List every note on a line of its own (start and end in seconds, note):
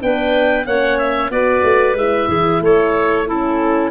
0.00 0.66 B3
0.00 0.65 D4
0.00 0.67 B4
0.00 0.66 G5
0.66 1.30 A#3
0.66 1.31 C#4
0.66 1.31 C#5
0.66 0.99 F#5
0.99 1.31 E5
1.30 1.63 B3
1.30 1.96 F#4
1.30 2.29 B4
1.30 1.97 D5
1.63 1.95 A3
1.95 2.27 G#3
1.95 3.28 E4
1.95 2.63 E5
2.28 2.60 E3
2.28 2.61 G#4
2.60 3.91 A3
2.60 3.27 A4
2.60 3.29 C#5
3.27 3.91 C#4
3.27 3.91 E4
3.27 3.91 A4